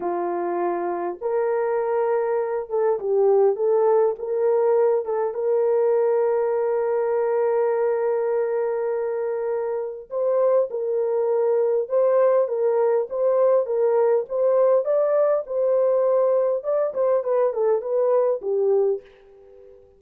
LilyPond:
\new Staff \with { instrumentName = "horn" } { \time 4/4 \tempo 4 = 101 f'2 ais'2~ | ais'8 a'8 g'4 a'4 ais'4~ | ais'8 a'8 ais'2.~ | ais'1~ |
ais'4 c''4 ais'2 | c''4 ais'4 c''4 ais'4 | c''4 d''4 c''2 | d''8 c''8 b'8 a'8 b'4 g'4 | }